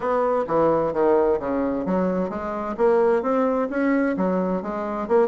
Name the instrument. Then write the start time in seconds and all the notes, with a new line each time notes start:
bassoon
0.00 B3
0.47 E3
0.93 D#3
1.39 C#3
1.85 F#3
2.29 G#3
2.77 A#3
3.22 C4
3.70 C#4
4.16 F#3
4.62 G#3
5.08 A#3